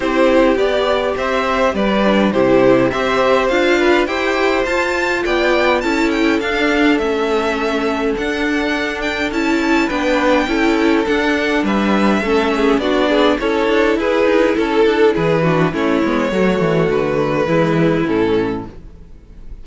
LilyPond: <<
  \new Staff \with { instrumentName = "violin" } { \time 4/4 \tempo 4 = 103 c''4 d''4 e''4 d''4 | c''4 e''4 f''4 g''4 | a''4 g''4 a''8 g''8 f''4 | e''2 fis''4. g''8 |
a''4 g''2 fis''4 | e''2 d''4 cis''4 | b'4 a'4 b'4 cis''4~ | cis''4 b'2 a'4 | }
  \new Staff \with { instrumentName = "violin" } { \time 4/4 g'2 c''4 b'4 | g'4 c''4. b'8 c''4~ | c''4 d''4 a'2~ | a'1~ |
a'4 b'4 a'2 | b'4 a'8 gis'8 fis'8 gis'8 a'4 | gis'4 a'4 gis'8 fis'8 e'4 | fis'2 e'2 | }
  \new Staff \with { instrumentName = "viola" } { \time 4/4 e'4 g'2~ g'8 d'8 | e'4 g'4 f'4 g'4 | f'2 e'4 d'4 | cis'2 d'2 |
e'4 d'4 e'4 d'4~ | d'4 cis'4 d'4 e'4~ | e'2~ e'8 d'8 cis'8 b8 | a2 gis4 cis'4 | }
  \new Staff \with { instrumentName = "cello" } { \time 4/4 c'4 b4 c'4 g4 | c4 c'4 d'4 e'4 | f'4 b4 cis'4 d'4 | a2 d'2 |
cis'4 b4 cis'4 d'4 | g4 a4 b4 cis'8 d'8 | e'8 dis'8 cis'8 d'8 e4 a8 gis8 | fis8 e8 d4 e4 a,4 | }
>>